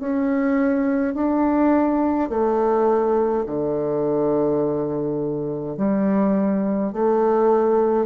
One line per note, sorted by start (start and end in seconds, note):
0.00 1.14 C#4
1.14 2.29 D4
2.29 3.45 A3
3.46 5.77 D3
5.77 6.93 G3
6.93 8.06 A3